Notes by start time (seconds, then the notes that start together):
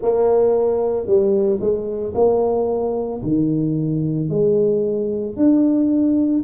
0.02 A#3
1.06 G3
1.60 G#3
2.14 A#3
3.22 D#3
4.29 G#3
5.36 D4